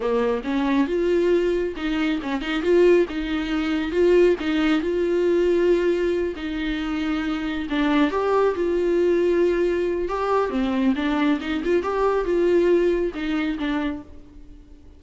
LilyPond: \new Staff \with { instrumentName = "viola" } { \time 4/4 \tempo 4 = 137 ais4 cis'4 f'2 | dis'4 cis'8 dis'8 f'4 dis'4~ | dis'4 f'4 dis'4 f'4~ | f'2~ f'8 dis'4.~ |
dis'4. d'4 g'4 f'8~ | f'2. g'4 | c'4 d'4 dis'8 f'8 g'4 | f'2 dis'4 d'4 | }